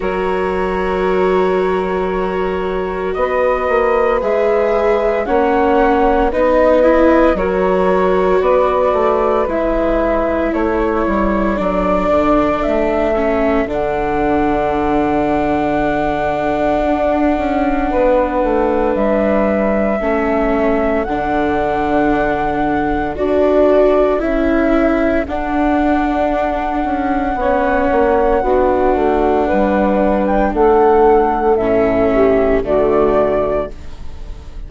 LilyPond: <<
  \new Staff \with { instrumentName = "flute" } { \time 4/4 \tempo 4 = 57 cis''2. dis''4 | e''4 fis''4 dis''4 cis''4 | d''4 e''4 cis''4 d''4 | e''4 fis''2.~ |
fis''2 e''2 | fis''2 d''4 e''4 | fis''1~ | fis''8. g''16 fis''4 e''4 d''4 | }
  \new Staff \with { instrumentName = "saxophone" } { \time 4/4 ais'2. b'4~ | b'4 cis''4 b'4 ais'4 | b'2 a'2~ | a'1~ |
a'4 b'2 a'4~ | a'1~ | a'2 cis''4 fis'4 | b'4 a'4. g'8 fis'4 | }
  \new Staff \with { instrumentName = "viola" } { \time 4/4 fis'1 | gis'4 cis'4 dis'8 e'8 fis'4~ | fis'4 e'2 d'4~ | d'8 cis'8 d'2.~ |
d'2. cis'4 | d'2 fis'4 e'4 | d'2 cis'4 d'4~ | d'2 cis'4 a4 | }
  \new Staff \with { instrumentName = "bassoon" } { \time 4/4 fis2. b8 ais8 | gis4 ais4 b4 fis4 | b8 a8 gis4 a8 g8 fis8 d8 | a4 d2. |
d'8 cis'8 b8 a8 g4 a4 | d2 d'4 cis'4 | d'4. cis'8 b8 ais8 b8 a8 | g4 a4 a,4 d4 | }
>>